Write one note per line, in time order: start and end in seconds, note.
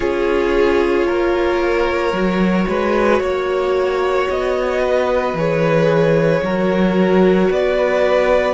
0.00 1.06 C#4
0.00 2.14 F4
0.00 1.06 G#4
0.00 4.28 C#5
1.06 2.12 A#3
1.06 2.67 A#4
2.12 2.65 F#3
2.12 5.35 F#4
2.68 3.20 G#3
2.68 3.22 B4
3.20 4.27 A#3
3.20 4.81 C#5
4.29 5.33 B3
4.29 5.36 D#5
4.81 6.42 B4
5.33 6.40 E3
5.33 6.44 G#4
5.33 7.52 C#5
6.42 7.49 F#3
6.42 8.54 F#4
6.42 7.50 A#4
7.50 8.54 B3
7.50 8.54 B4
7.50 8.54 D5